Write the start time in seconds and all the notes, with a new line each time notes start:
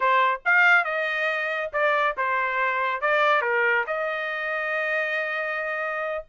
0.00 C5
0.45 F5
0.84 D#5
1.72 D5
2.17 C5
3.01 D5
3.41 A#4
3.87 D#5